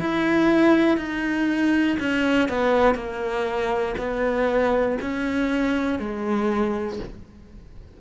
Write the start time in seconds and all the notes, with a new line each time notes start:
0.00 E4
0.98 D#4
2.00 C#4
2.49 B3
2.95 A#3
3.99 B3
5.01 C#4
5.99 G#3